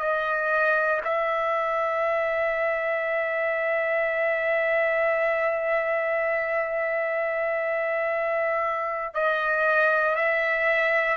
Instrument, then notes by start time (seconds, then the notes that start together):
trumpet
0.00 D#5
1.05 E5
9.15 D#5
10.16 E5